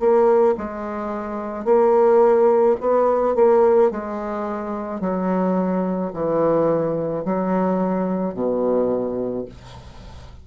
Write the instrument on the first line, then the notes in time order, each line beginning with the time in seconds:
bassoon
0.00 A#3
0.58 G#3
1.65 A#3
2.81 B3
3.36 A#3
3.91 G#3
5.01 F#3
6.14 E3
7.25 F#3
8.34 B2